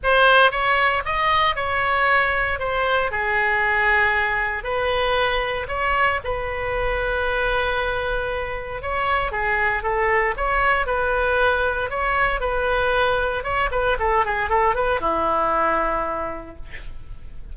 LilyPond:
\new Staff \with { instrumentName = "oboe" } { \time 4/4 \tempo 4 = 116 c''4 cis''4 dis''4 cis''4~ | cis''4 c''4 gis'2~ | gis'4 b'2 cis''4 | b'1~ |
b'4 cis''4 gis'4 a'4 | cis''4 b'2 cis''4 | b'2 cis''8 b'8 a'8 gis'8 | a'8 b'8 e'2. | }